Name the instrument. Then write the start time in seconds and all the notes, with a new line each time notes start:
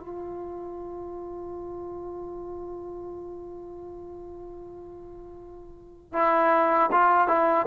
trombone
0.00 F4
6.14 E4
6.92 F4
7.28 E4